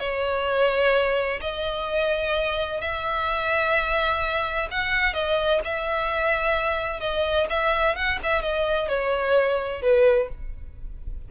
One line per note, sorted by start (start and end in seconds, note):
0.00 1.41 C#5
1.41 2.81 D#5
2.81 4.69 E5
4.71 5.14 F#5
5.14 5.61 D#5
5.65 7.00 E5
7.00 7.47 D#5
7.50 7.96 E5
7.96 8.19 F#5
8.24 8.42 E5
8.42 8.89 D#5
8.89 9.82 C#5
9.82 10.29 B4